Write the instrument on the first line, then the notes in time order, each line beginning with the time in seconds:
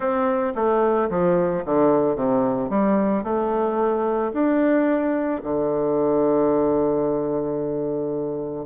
bassoon
0.00 C4
0.55 A3
1.09 F3
1.65 D3
2.15 C3
2.69 G3
3.23 A3
4.33 D4
5.43 D3